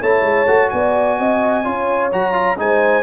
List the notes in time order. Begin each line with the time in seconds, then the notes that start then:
0.00 A3 E4 C#5 A5
0.22 G#3
0.47 A3 F#4
0.70 B3 D5 G#5
1.19 C4 D#5
1.64 C#4 F4 C#5
2.12 F#3 F#4 A#5
2.33 F4
2.58 G#3 D#4 C5 G#5